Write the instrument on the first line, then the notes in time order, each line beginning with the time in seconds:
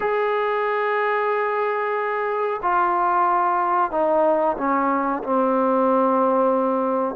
trombone
0.00 G#4
2.62 F4
3.91 D#4
4.57 C#4
5.23 C4